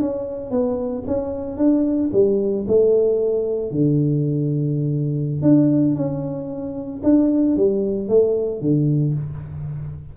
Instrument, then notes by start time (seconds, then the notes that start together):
tuba
0.00 C#4
0.50 B3
1.06 C#4
1.57 D4
2.13 G3
2.67 A3
3.71 D3
5.42 D4
5.95 C#4
7.03 D4
7.56 G3
8.08 A3
8.61 D3